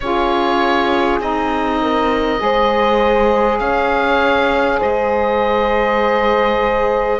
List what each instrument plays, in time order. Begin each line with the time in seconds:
0.00 cello C#4, saxophone F4, horn G#4, oboe C#5
1.19 cello C4, saxophone D#4, oboe D#5
1.81 horn A#4
2.38 cello G#3, saxophone G#4, horn C5
3.58 cello C#4, horn C#5, oboe F5
4.79 cello G#3, horn C5, oboe D#5